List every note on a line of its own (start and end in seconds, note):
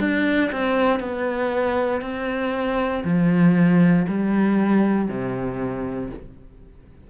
0.00 0.51 D4
0.52 1.00 C4
1.00 2.02 B3
2.02 3.03 C4
3.05 4.06 F3
4.09 5.08 G3
5.08 6.10 C3